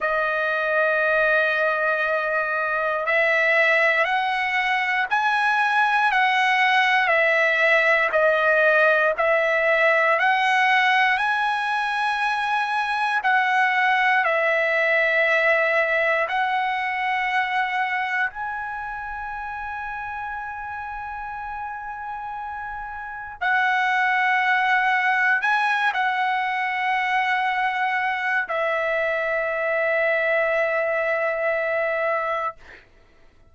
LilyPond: \new Staff \with { instrumentName = "trumpet" } { \time 4/4 \tempo 4 = 59 dis''2. e''4 | fis''4 gis''4 fis''4 e''4 | dis''4 e''4 fis''4 gis''4~ | gis''4 fis''4 e''2 |
fis''2 gis''2~ | gis''2. fis''4~ | fis''4 gis''8 fis''2~ fis''8 | e''1 | }